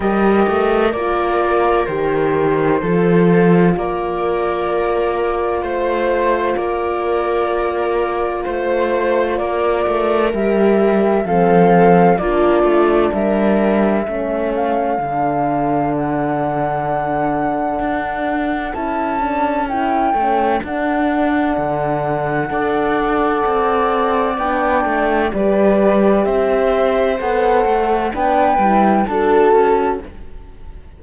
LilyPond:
<<
  \new Staff \with { instrumentName = "flute" } { \time 4/4 \tempo 4 = 64 dis''4 d''4 c''2 | d''2 c''4 d''4~ | d''4 c''4 d''4 e''4 | f''4 d''4 e''4. f''8~ |
f''4 fis''2. | a''4 g''4 fis''2~ | fis''2 g''4 d''4 | e''4 fis''4 g''4 a''4 | }
  \new Staff \with { instrumentName = "viola" } { \time 4/4 ais'2. a'4 | ais'2 c''4 ais'4~ | ais'4 c''4 ais'2 | a'4 f'4 ais'4 a'4~ |
a'1~ | a'1 | d''2. b'4 | c''2 b'4 a'4 | }
  \new Staff \with { instrumentName = "horn" } { \time 4/4 g'4 f'4 g'4 f'4~ | f'1~ | f'2. g'4 | c'4 d'2 cis'4 |
d'1 | e'8 d'8 e'8 cis'8 d'2 | a'2 d'4 g'4~ | g'4 a'4 d'8 e'8 fis'4 | }
  \new Staff \with { instrumentName = "cello" } { \time 4/4 g8 a8 ais4 dis4 f4 | ais2 a4 ais4~ | ais4 a4 ais8 a8 g4 | f4 ais8 a8 g4 a4 |
d2. d'4 | cis'4. a8 d'4 d4 | d'4 c'4 b8 a8 g4 | c'4 b8 a8 b8 g8 d'8 cis'8 | }
>>